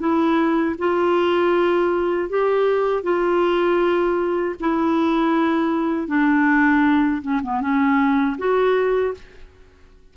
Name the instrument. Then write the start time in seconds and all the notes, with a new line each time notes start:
clarinet
0.00 E4
0.79 F4
2.30 G4
3.03 F4
4.60 E4
6.08 D4
7.22 C#4
7.44 B3
7.61 C#4
8.38 F#4